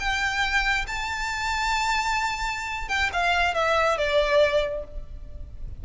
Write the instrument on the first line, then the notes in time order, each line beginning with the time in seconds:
violin
0.00 G5
0.88 A5
2.89 G5
3.13 F5
3.55 E5
3.98 D5